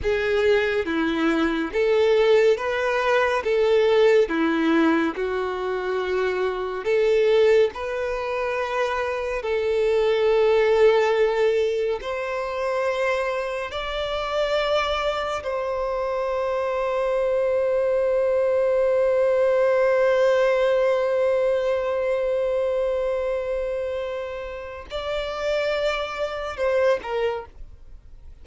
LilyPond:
\new Staff \with { instrumentName = "violin" } { \time 4/4 \tempo 4 = 70 gis'4 e'4 a'4 b'4 | a'4 e'4 fis'2 | a'4 b'2 a'4~ | a'2 c''2 |
d''2 c''2~ | c''1~ | c''1~ | c''4 d''2 c''8 ais'8 | }